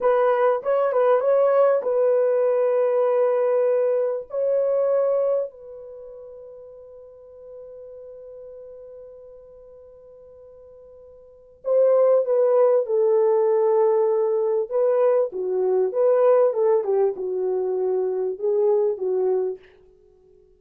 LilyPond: \new Staff \with { instrumentName = "horn" } { \time 4/4 \tempo 4 = 98 b'4 cis''8 b'8 cis''4 b'4~ | b'2. cis''4~ | cis''4 b'2.~ | b'1~ |
b'2. c''4 | b'4 a'2. | b'4 fis'4 b'4 a'8 g'8 | fis'2 gis'4 fis'4 | }